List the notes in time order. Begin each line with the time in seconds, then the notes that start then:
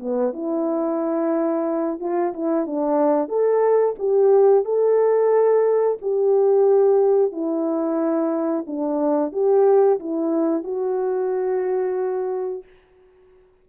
0.00 B3
0.34 E4
2.00 F4
2.34 E4
2.67 D4
3.28 A4
3.99 G4
4.65 A4
6.02 G4
7.32 E4
8.67 D4
9.33 G4
10.00 E4
10.64 F#4